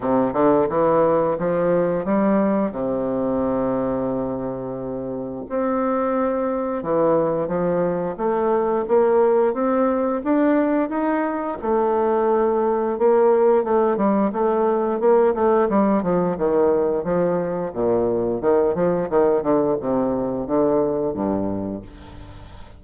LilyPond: \new Staff \with { instrumentName = "bassoon" } { \time 4/4 \tempo 4 = 88 c8 d8 e4 f4 g4 | c1 | c'2 e4 f4 | a4 ais4 c'4 d'4 |
dis'4 a2 ais4 | a8 g8 a4 ais8 a8 g8 f8 | dis4 f4 ais,4 dis8 f8 | dis8 d8 c4 d4 g,4 | }